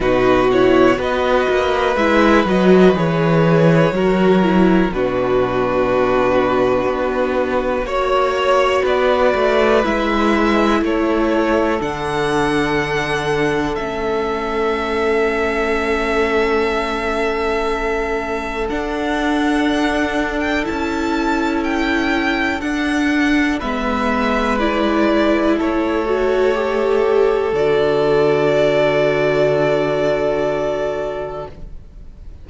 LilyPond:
<<
  \new Staff \with { instrumentName = "violin" } { \time 4/4 \tempo 4 = 61 b'8 cis''8 dis''4 e''8 dis''8 cis''4~ | cis''4 b'2. | cis''4 d''4 e''4 cis''4 | fis''2 e''2~ |
e''2. fis''4~ | fis''8. g''16 a''4 g''4 fis''4 | e''4 d''4 cis''2 | d''1 | }
  \new Staff \with { instrumentName = "violin" } { \time 4/4 fis'4 b'2. | ais'4 fis'2. | cis''4 b'2 a'4~ | a'1~ |
a'1~ | a'1 | b'2 a'2~ | a'1 | }
  \new Staff \with { instrumentName = "viola" } { \time 4/4 dis'8 e'8 fis'4 e'8 fis'8 gis'4 | fis'8 e'8 d'2. | fis'2 e'2 | d'2 cis'2~ |
cis'2. d'4~ | d'4 e'2 d'4 | b4 e'4. fis'8 g'4 | fis'1 | }
  \new Staff \with { instrumentName = "cello" } { \time 4/4 b,4 b8 ais8 gis8 fis8 e4 | fis4 b,2 b4 | ais4 b8 a8 gis4 a4 | d2 a2~ |
a2. d'4~ | d'4 cis'2 d'4 | gis2 a2 | d1 | }
>>